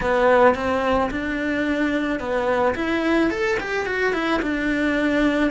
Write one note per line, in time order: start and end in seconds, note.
0.01 0.55 B3
0.55 1.10 C4
1.10 2.19 D4
2.19 2.74 B3
2.75 3.30 E4
3.30 3.58 A4
3.59 3.86 G4
3.86 4.13 F#4
4.13 4.40 E4
4.42 5.50 D4